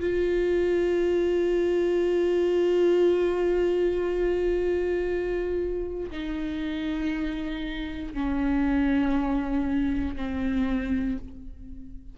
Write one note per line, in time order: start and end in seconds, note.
0.00 6.10 F4
6.11 8.14 D#4
8.14 10.16 C#4
10.16 11.18 C4